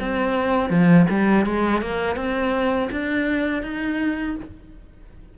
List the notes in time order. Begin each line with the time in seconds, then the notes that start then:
0.00 C4
0.70 F3
1.10 G3
1.46 G#3
1.81 A#3
2.16 C4
2.91 D4
3.63 D#4